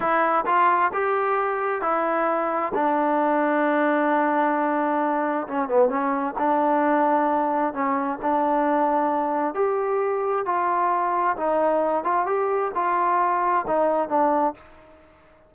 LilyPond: \new Staff \with { instrumentName = "trombone" } { \time 4/4 \tempo 4 = 132 e'4 f'4 g'2 | e'2 d'2~ | d'1 | cis'8 b8 cis'4 d'2~ |
d'4 cis'4 d'2~ | d'4 g'2 f'4~ | f'4 dis'4. f'8 g'4 | f'2 dis'4 d'4 | }